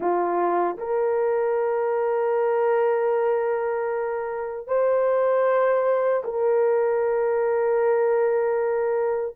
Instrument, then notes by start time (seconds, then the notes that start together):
horn
0.00 F4
0.77 A#4
4.67 C5
6.24 A#4